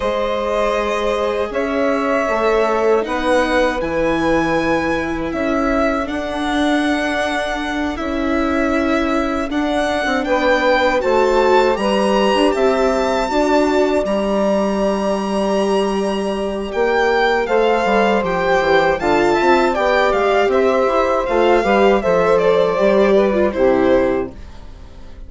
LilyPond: <<
  \new Staff \with { instrumentName = "violin" } { \time 4/4 \tempo 4 = 79 dis''2 e''2 | fis''4 gis''2 e''4 | fis''2~ fis''8 e''4.~ | e''8 fis''4 g''4 a''4 ais''8~ |
ais''8 a''2 ais''4.~ | ais''2 g''4 f''4 | g''4 a''4 g''8 f''8 e''4 | f''4 e''8 d''4. c''4 | }
  \new Staff \with { instrumentName = "saxophone" } { \time 4/4 c''2 cis''2 | b'2. a'4~ | a'1~ | a'4. b'4 c''4 b'8~ |
b'8 e''4 d''2~ d''8~ | d''2. c''4~ | c''4 f''8 e''8 d''4 c''4~ | c''8 b'8 c''4. b'8 g'4 | }
  \new Staff \with { instrumentName = "viola" } { \time 4/4 gis'2. a'4 | dis'4 e'2. | d'2~ d'8 e'4.~ | e'8 d'2 fis'4 g'8~ |
g'4. fis'4 g'4.~ | g'2. a'4 | g'4 f'4 g'2 | f'8 g'8 a'4 g'8. f'16 e'4 | }
  \new Staff \with { instrumentName = "bassoon" } { \time 4/4 gis2 cis'4 a4 | b4 e2 cis'4 | d'2~ d'8 cis'4.~ | cis'8 d'8. c'16 b4 a4 g8~ |
g16 d'16 c'4 d'4 g4.~ | g2 ais4 a8 g8 | f8 e8 d8 c'8 b8 gis8 c'8 e'8 | a8 g8 f4 g4 c4 | }
>>